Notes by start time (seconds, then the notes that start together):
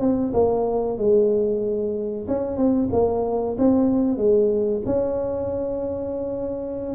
0.00 C4
0.33 A#3
0.98 G#3
2.27 C#4
2.57 C4
2.92 A#3
3.58 C4
4.17 G#3
4.86 C#4